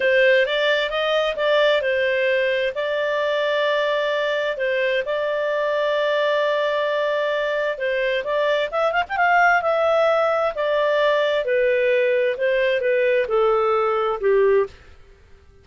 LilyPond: \new Staff \with { instrumentName = "clarinet" } { \time 4/4 \tempo 4 = 131 c''4 d''4 dis''4 d''4 | c''2 d''2~ | d''2 c''4 d''4~ | d''1~ |
d''4 c''4 d''4 e''8 f''16 g''16 | f''4 e''2 d''4~ | d''4 b'2 c''4 | b'4 a'2 g'4 | }